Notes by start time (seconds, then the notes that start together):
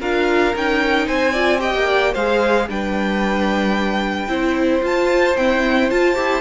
0.00 D4 F4 A#4 F5
0.54 C#4 D#4 G5
1.07 C4 C5 G#5
1.33 F4 D5
1.59 G4 D#5 G5
1.75 A#3
1.88 D5
2.13 G#3 G#4 C5 F5
2.69 G3 D4 B4 G5
4.28 C4 E4 C5
4.82 F4 A5
5.37 C4 E4 G5
5.90 F4 A5
6.15 E4 G4